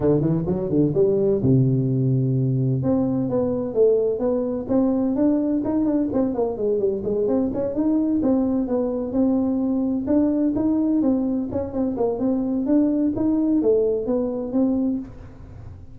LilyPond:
\new Staff \with { instrumentName = "tuba" } { \time 4/4 \tempo 4 = 128 d8 e8 fis8 d8 g4 c4~ | c2 c'4 b4 | a4 b4 c'4 d'4 | dis'8 d'8 c'8 ais8 gis8 g8 gis8 c'8 |
cis'8 dis'4 c'4 b4 c'8~ | c'4. d'4 dis'4 c'8~ | c'8 cis'8 c'8 ais8 c'4 d'4 | dis'4 a4 b4 c'4 | }